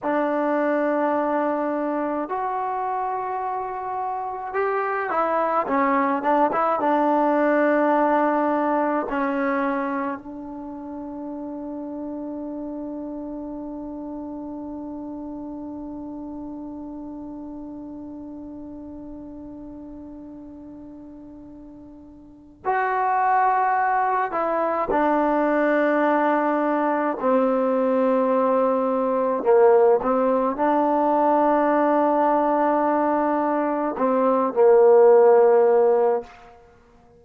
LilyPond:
\new Staff \with { instrumentName = "trombone" } { \time 4/4 \tempo 4 = 53 d'2 fis'2 | g'8 e'8 cis'8 d'16 e'16 d'2 | cis'4 d'2.~ | d'1~ |
d'1 | fis'4. e'8 d'2 | c'2 ais8 c'8 d'4~ | d'2 c'8 ais4. | }